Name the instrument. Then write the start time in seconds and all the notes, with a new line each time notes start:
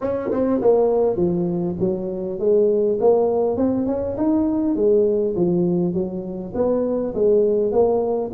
tuba
0.01 C#4
0.31 C4
0.61 A#3
1.16 F3
1.79 F#3
2.39 G#3
3.00 A#3
3.56 C4
3.86 C#4
4.17 D#4
4.75 G#3
5.35 F3
5.93 F#3
6.54 B3
7.14 G#3
7.71 A#3